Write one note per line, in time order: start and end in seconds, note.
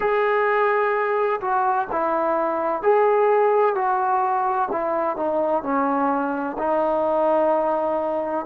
0.00 1.40 G#4
1.41 1.87 F#4
1.91 2.82 E4
2.82 3.75 G#4
3.75 4.68 F#4
4.71 5.16 E4
5.16 5.62 D#4
5.62 6.56 C#4
6.58 8.45 D#4